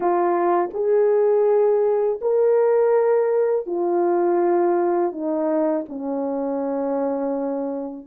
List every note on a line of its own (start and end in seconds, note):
0.00 0.70 F4
0.73 2.20 G#4
2.21 3.66 A#4
3.66 5.12 F4
5.12 5.85 D#4
5.89 8.07 C#4